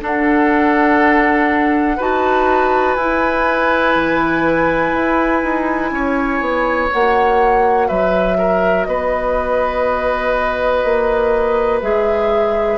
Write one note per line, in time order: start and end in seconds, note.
0.00 1.97 D4
0.00 1.98 D4
0.00 1.97 A4
0.00 2.01 F#5
1.97 2.96 D#4
1.97 2.98 F#4
1.97 5.90 B4
1.97 2.94 A5
2.94 3.94 E4
2.94 6.90 E4
2.94 6.88 G#5
3.95 4.92 E3
4.92 5.42 E4
5.43 5.91 D#4
5.91 6.40 C#4
5.91 7.87 C#5
6.40 6.89 B3
6.90 7.90 A#3
6.90 11.81 F#4
6.90 7.87 F#5
7.87 8.86 F#3
7.87 8.37 B4
7.87 8.84 E5
8.38 8.87 A#4
8.84 10.83 B3
8.84 12.77 B4
8.84 11.79 D#5
10.84 11.82 A#3
11.81 12.77 G#3
11.81 12.77 G#4
11.81 12.77 E5